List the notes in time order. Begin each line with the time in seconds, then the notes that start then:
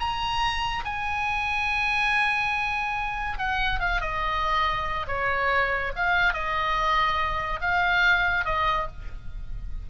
0.00 A#5
0.85 G#5
3.39 F#5
3.80 F5
4.01 D#5
5.08 C#5
5.96 F5
6.34 D#5
7.61 F5
8.46 D#5